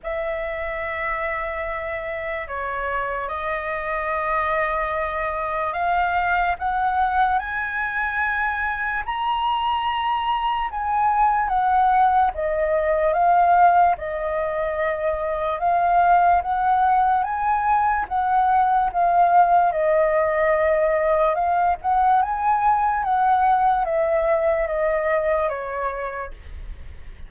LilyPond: \new Staff \with { instrumentName = "flute" } { \time 4/4 \tempo 4 = 73 e''2. cis''4 | dis''2. f''4 | fis''4 gis''2 ais''4~ | ais''4 gis''4 fis''4 dis''4 |
f''4 dis''2 f''4 | fis''4 gis''4 fis''4 f''4 | dis''2 f''8 fis''8 gis''4 | fis''4 e''4 dis''4 cis''4 | }